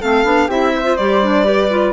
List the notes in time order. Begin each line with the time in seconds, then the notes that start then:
0.00 A3 C4 A4 F5
0.24 B3 D4
0.47 C4 E4 G4 E5
0.75 C5
0.83 F4
0.97 G3 G4 D5
1.23 D4
1.44 G4 B4
1.70 F4